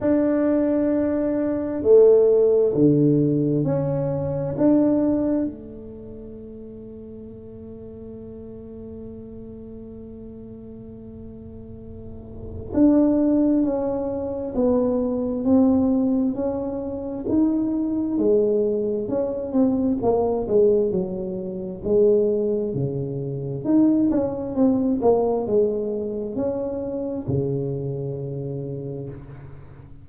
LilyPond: \new Staff \with { instrumentName = "tuba" } { \time 4/4 \tempo 4 = 66 d'2 a4 d4 | cis'4 d'4 a2~ | a1~ | a2 d'4 cis'4 |
b4 c'4 cis'4 dis'4 | gis4 cis'8 c'8 ais8 gis8 fis4 | gis4 cis4 dis'8 cis'8 c'8 ais8 | gis4 cis'4 cis2 | }